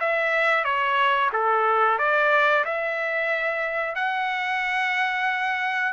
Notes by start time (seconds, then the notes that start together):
0.00 E5
0.64 C#5
1.33 A4
1.99 D5
2.65 E5
3.95 F#5